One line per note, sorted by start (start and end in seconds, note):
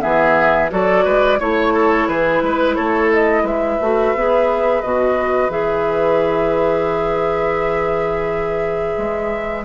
0.00 0.72 E3
0.00 0.69 B3
0.00 0.71 G#4
0.00 0.70 E5
0.70 1.06 F#3
0.70 1.39 F#4
0.70 1.05 A4
0.70 1.40 D5
1.05 1.40 G#3
1.05 1.39 B4
1.40 2.08 A3
1.40 3.81 E4
1.40 1.74 C#5
1.40 2.09 C#5
1.74 2.08 A4
2.08 2.42 E3
2.08 2.43 G#4
2.08 2.76 B4
2.42 2.77 G#3
2.42 2.76 B4
2.76 3.43 A3
2.76 3.43 A4
2.76 3.10 C#5
3.14 3.47 D#5
3.43 3.78 G#3
3.43 9.64 B4
3.43 4.82 E5
3.81 4.15 A3
3.81 4.16 F#4
4.15 4.84 B3
4.15 4.83 G#4
4.82 5.50 B2
4.82 5.50 F#4
4.82 5.51 D#5
5.50 8.95 E3
5.50 9.64 G#4
5.50 9.65 E5
8.98 9.65 G#3